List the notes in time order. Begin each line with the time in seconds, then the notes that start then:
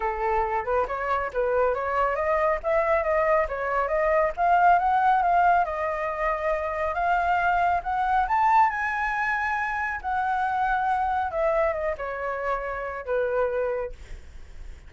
0.00 A4
0.64 B4
0.87 C#5
1.33 B4
1.74 C#5
2.15 D#5
2.63 E5
3.03 D#5
3.48 C#5
3.88 D#5
4.36 F5
4.78 F#5
5.22 F5
5.64 D#5
6.94 F5
7.83 F#5
8.27 A5
8.70 G#5
10.01 F#5
11.31 E5
11.73 D#5
11.97 C#5
13.05 B4